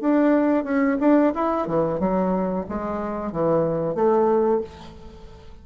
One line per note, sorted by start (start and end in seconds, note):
0.00 0.64 D4
0.64 0.97 C#4
1.00 1.32 D4
1.34 1.67 E4
1.67 1.99 E3
1.99 2.65 F#3
2.69 3.32 G#3
3.32 3.94 E3
3.94 4.60 A3